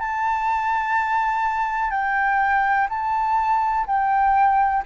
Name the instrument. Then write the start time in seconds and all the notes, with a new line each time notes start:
flute
0.00 A5
1.91 G5
2.89 A5
3.87 G5